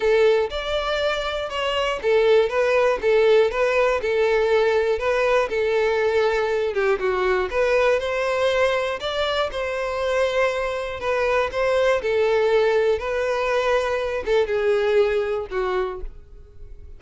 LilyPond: \new Staff \with { instrumentName = "violin" } { \time 4/4 \tempo 4 = 120 a'4 d''2 cis''4 | a'4 b'4 a'4 b'4 | a'2 b'4 a'4~ | a'4. g'8 fis'4 b'4 |
c''2 d''4 c''4~ | c''2 b'4 c''4 | a'2 b'2~ | b'8 a'8 gis'2 fis'4 | }